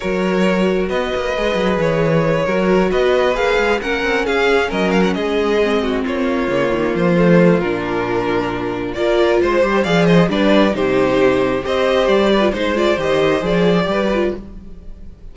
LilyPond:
<<
  \new Staff \with { instrumentName = "violin" } { \time 4/4 \tempo 4 = 134 cis''2 dis''2 | cis''2~ cis''8 dis''4 f''8~ | f''8 fis''4 f''4 dis''8 f''16 fis''16 dis''8~ | dis''4. cis''2 c''8~ |
c''4 ais'2. | d''4 c''4 f''8 dis''8 d''4 | c''2 dis''4 d''4 | c''8 d''8 dis''4 d''2 | }
  \new Staff \with { instrumentName = "violin" } { \time 4/4 ais'2 b'2~ | b'4. ais'4 b'4.~ | b'8 ais'4 gis'4 ais'4 gis'8~ | gis'4 fis'8 f'2~ f'8~ |
f'1 | ais'4 c''4 d''8 c''8 b'4 | g'2 c''4. b'8 | c''2. b'4 | }
  \new Staff \with { instrumentName = "viola" } { \time 4/4 fis'2. gis'4~ | gis'4. fis'2 gis'8~ | gis'8 cis'2.~ cis'8~ | cis'8 c'2 ais4. |
a4 d'2. | f'4. g'8 gis'4 d'4 | dis'2 g'4.~ g'16 f'16 | dis'8 f'8 g'4 gis'4 g'8 f'8 | }
  \new Staff \with { instrumentName = "cello" } { \time 4/4 fis2 b8 ais8 gis8 fis8 | e4. fis4 b4 ais8 | gis8 ais8 c'8 cis'4 fis4 gis8~ | gis4. ais4 cis8 dis8 f8~ |
f4 ais,2. | ais4 gis8 g8 f4 g4 | c2 c'4 g4 | gis4 dis4 f4 g4 | }
>>